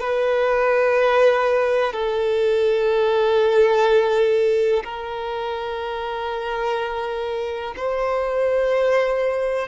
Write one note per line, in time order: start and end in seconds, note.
0.00 1.93 B4
1.93 4.83 A4
4.84 7.74 A#4
7.76 9.68 C5